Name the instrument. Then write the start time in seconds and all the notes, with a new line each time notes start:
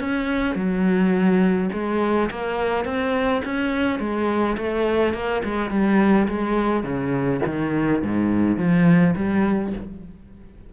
cello
0.00 C#4
0.56 F#3
1.73 G#3
2.31 A#3
2.85 C4
3.45 C#4
3.99 G#3
4.58 A3
5.14 A#3
5.44 G#3
5.70 G3
6.28 G#3
6.84 C#3
7.46 D#3
8.03 G#2
8.58 F3
9.16 G3